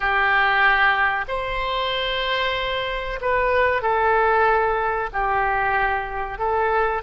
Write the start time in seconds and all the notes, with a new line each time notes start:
0.00 G4
1.28 C5
3.21 B4
3.82 A4
5.12 G4
6.38 A4